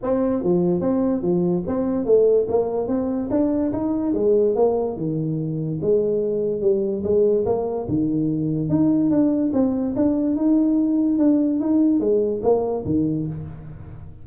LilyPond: \new Staff \with { instrumentName = "tuba" } { \time 4/4 \tempo 4 = 145 c'4 f4 c'4 f4 | c'4 a4 ais4 c'4 | d'4 dis'4 gis4 ais4 | dis2 gis2 |
g4 gis4 ais4 dis4~ | dis4 dis'4 d'4 c'4 | d'4 dis'2 d'4 | dis'4 gis4 ais4 dis4 | }